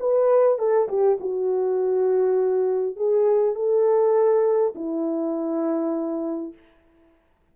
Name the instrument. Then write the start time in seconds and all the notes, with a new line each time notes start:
horn
0.00 B4
0.59 A4
0.89 G4
1.21 F#4
2.96 G#4
3.55 A4
4.76 E4